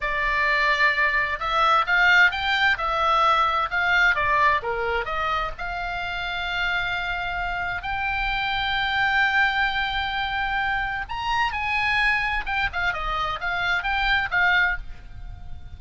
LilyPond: \new Staff \with { instrumentName = "oboe" } { \time 4/4 \tempo 4 = 130 d''2. e''4 | f''4 g''4 e''2 | f''4 d''4 ais'4 dis''4 | f''1~ |
f''4 g''2.~ | g''1 | ais''4 gis''2 g''8 f''8 | dis''4 f''4 g''4 f''4 | }